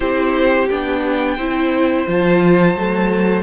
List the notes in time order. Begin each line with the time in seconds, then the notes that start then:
0.00 C4 E4 G4 C5
0.69 B3 D4 G5
1.36 C4 E4 C5
2.07 F3 F4 A5
2.74 F#3 A3